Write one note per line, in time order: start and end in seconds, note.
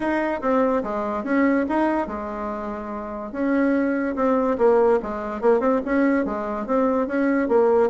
0.00 0.41 D#4
0.41 0.82 C4
0.83 1.24 G#3
1.24 1.65 C#4
1.69 2.07 D#4
2.07 3.32 G#3
3.32 4.15 C#4
4.15 4.57 C4
4.58 4.99 A#3
5.02 5.41 G#3
5.41 5.59 A#3
5.59 5.80 C4
5.85 6.25 C#4
6.25 6.66 G#3
6.66 7.07 C4
7.07 7.48 C#4
7.48 7.90 A#3